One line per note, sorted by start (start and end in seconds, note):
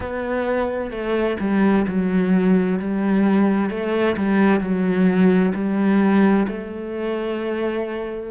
0.00 0.90 B3
0.90 1.36 A3
1.40 1.86 G3
1.87 2.79 F#3
2.79 3.69 G3
3.69 4.15 A3
4.16 4.60 G3
4.60 5.53 F#3
5.54 6.46 G3
6.48 8.30 A3